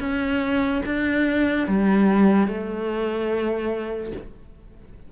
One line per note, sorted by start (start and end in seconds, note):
0.00 0.82 C#4
0.86 1.68 D4
1.68 2.48 G3
2.48 4.12 A3